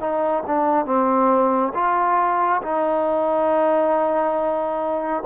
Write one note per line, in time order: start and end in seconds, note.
0.00 0.43 D#4
0.47 0.85 D4
0.85 1.72 C4
1.74 2.61 F4
2.62 5.23 D#4